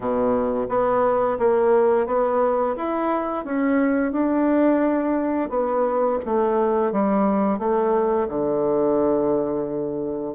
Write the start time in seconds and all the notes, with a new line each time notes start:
0.00 B2
0.69 B3
1.38 A#3
2.06 B3
2.76 E4
3.45 C#4
4.12 D4
5.49 B3
6.25 A3
6.92 G3
7.58 A3
8.28 D3